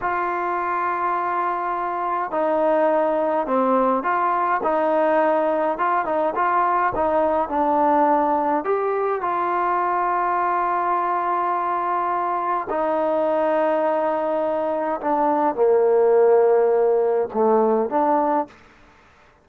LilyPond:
\new Staff \with { instrumentName = "trombone" } { \time 4/4 \tempo 4 = 104 f'1 | dis'2 c'4 f'4 | dis'2 f'8 dis'8 f'4 | dis'4 d'2 g'4 |
f'1~ | f'2 dis'2~ | dis'2 d'4 ais4~ | ais2 a4 d'4 | }